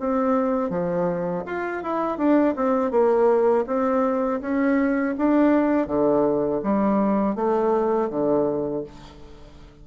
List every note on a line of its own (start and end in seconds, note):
0.00 0.70 C4
0.70 1.44 F3
1.46 1.83 F4
1.84 2.18 E4
2.18 2.55 D4
2.57 2.91 C4
2.91 3.65 A#3
3.67 4.41 C4
4.41 5.15 C#4
5.18 5.88 D4
5.88 6.62 D3
6.63 7.36 G3
7.36 8.10 A3
8.10 8.85 D3